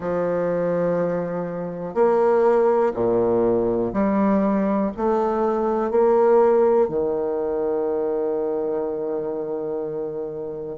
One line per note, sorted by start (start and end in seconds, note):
0.00 1.94 F3
1.94 2.92 A#3
2.93 3.92 A#2
3.93 4.91 G3
4.96 5.90 A3
5.90 6.88 A#3
6.88 10.78 D#3